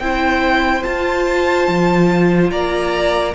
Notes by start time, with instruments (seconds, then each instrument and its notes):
0.00 cello C4, viola E4, violin C5 G5
0.83 viola F4, cello F4, violin A5
1.68 cello F3
2.51 cello A#3, violin D5 A#5